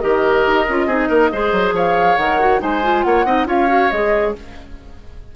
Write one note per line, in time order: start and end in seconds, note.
0.00 0.46 D#3
0.00 0.66 G4
0.00 0.87 A#4
0.00 1.73 D#5
0.46 0.67 D#4
0.68 0.86 C#4
0.68 0.89 F4
0.86 1.08 C4
0.86 1.32 D#4
0.86 1.08 G#4
1.09 1.31 A#3
1.09 1.30 A#4
1.32 1.52 G#3
1.32 2.18 G#4
1.32 1.75 C5
1.52 1.72 F#3
1.72 2.15 F3
1.72 2.61 C#5
1.72 2.17 F5
2.17 2.60 D#3
2.17 2.40 A#4
2.17 2.60 F#5
2.40 2.59 F#4
2.59 3.05 G#3
2.59 2.81 D#4
2.59 3.05 C5
2.59 3.03 G#5
2.83 3.26 F4
3.03 3.25 A#3
3.03 3.25 C#5
3.03 3.46 F#5
3.25 3.46 C4
3.25 3.46 D#4
3.25 3.47 D#5
3.46 3.89 C#4
3.46 3.67 F4
3.46 4.34 C#5
3.46 3.90 F5
3.68 3.89 F#4
3.90 4.35 G#3
3.90 4.36 G#4
3.90 4.33 D#5